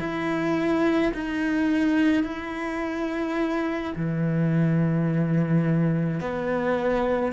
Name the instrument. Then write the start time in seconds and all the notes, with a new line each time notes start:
cello
0.00 E4
1.14 D#4
2.24 E4
3.96 E3
6.21 B3